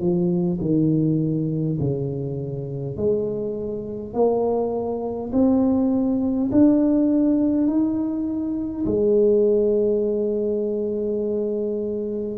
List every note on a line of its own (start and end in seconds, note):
0.00 0.59 F3
0.61 1.79 D#3
1.80 2.97 C#3
2.97 4.14 G#3
4.14 5.32 A#3
5.33 6.50 C4
6.52 7.67 D4
7.67 8.85 D#4
8.86 12.39 G#3